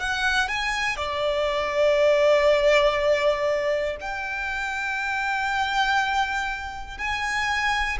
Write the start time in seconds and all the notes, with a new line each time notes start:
0.00 F#5
0.48 G#5
0.96 D5
4.00 G5
6.97 G#5